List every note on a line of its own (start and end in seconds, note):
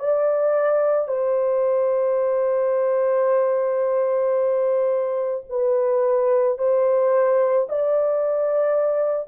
0.00 1.08 D5
1.08 5.44 C5
5.49 6.59 B4
6.59 7.68 C5
7.69 9.28 D5